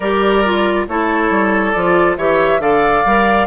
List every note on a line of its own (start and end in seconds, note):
0.00 0.86 G3
0.00 0.45 G4
0.00 0.85 A#4
0.00 0.87 D5
0.45 0.88 F4
0.87 1.30 A3
0.87 1.74 E4
0.87 2.17 A4
0.87 1.72 C#5
1.30 1.73 G3
1.72 2.17 F3
1.72 2.18 F4
1.72 2.15 D5
2.17 2.59 E3
2.17 2.60 G4
2.17 2.61 C#5
2.17 2.60 E5
2.59 3.02 D3
2.59 3.04 A4
2.59 3.47 D5
2.59 3.47 F5
3.05 3.47 G3
3.05 3.47 A#4